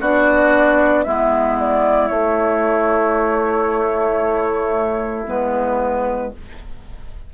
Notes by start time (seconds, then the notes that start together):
0.00 B3 D4 F#4 D5
1.03 G#3 B3 E4 E5
1.59 D5
2.07 A3 C#5
5.27 G#3 B3 B4